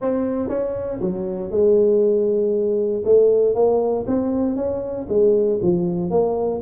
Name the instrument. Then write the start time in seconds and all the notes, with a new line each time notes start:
tuba
0.01 C4
0.49 C#4
1.01 F#3
1.50 G#3
3.04 A3
3.54 A#3
4.07 C4
4.56 C#4
5.08 G#3
5.62 F3
6.10 A#3